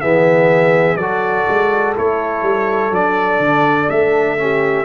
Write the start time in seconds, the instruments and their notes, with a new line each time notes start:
0.00 tuba E3, trombone B3, horn G#4, trumpet E5
0.96 tuba F#3, trombone F#4, horn A4, trumpet D5
1.48 tuba G#3
1.96 tuba A3, trombone E4, trumpet C#5
2.42 tuba G3
2.91 tuba F#3, trombone D4, trumpet D5
3.39 tuba D3
3.89 tuba A3, trumpet E5
4.37 trombone C#4, horn G4